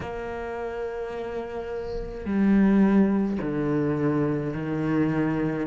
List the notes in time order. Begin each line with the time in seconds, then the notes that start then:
0.00 A#3
2.25 G3
3.41 D3
4.53 D#3